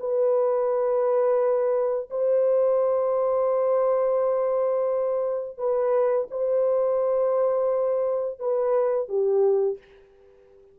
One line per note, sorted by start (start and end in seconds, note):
0.00 2.09 B4
2.10 5.58 C5
5.58 6.28 B4
6.31 8.39 C5
8.39 9.09 B4
9.09 9.78 G4